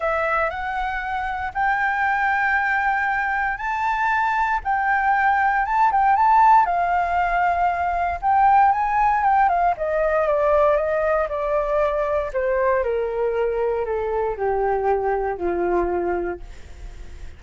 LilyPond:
\new Staff \with { instrumentName = "flute" } { \time 4/4 \tempo 4 = 117 e''4 fis''2 g''4~ | g''2. a''4~ | a''4 g''2 a''8 g''8 | a''4 f''2. |
g''4 gis''4 g''8 f''8 dis''4 | d''4 dis''4 d''2 | c''4 ais'2 a'4 | g'2 f'2 | }